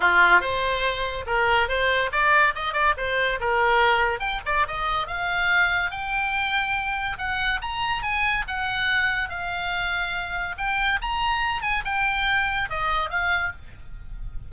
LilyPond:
\new Staff \with { instrumentName = "oboe" } { \time 4/4 \tempo 4 = 142 f'4 c''2 ais'4 | c''4 d''4 dis''8 d''8 c''4 | ais'2 g''8 d''8 dis''4 | f''2 g''2~ |
g''4 fis''4 ais''4 gis''4 | fis''2 f''2~ | f''4 g''4 ais''4. gis''8 | g''2 dis''4 f''4 | }